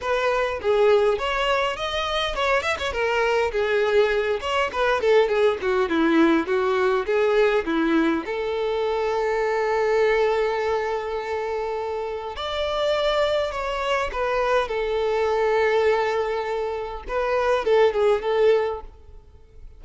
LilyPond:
\new Staff \with { instrumentName = "violin" } { \time 4/4 \tempo 4 = 102 b'4 gis'4 cis''4 dis''4 | cis''8 e''16 cis''16 ais'4 gis'4. cis''8 | b'8 a'8 gis'8 fis'8 e'4 fis'4 | gis'4 e'4 a'2~ |
a'1~ | a'4 d''2 cis''4 | b'4 a'2.~ | a'4 b'4 a'8 gis'8 a'4 | }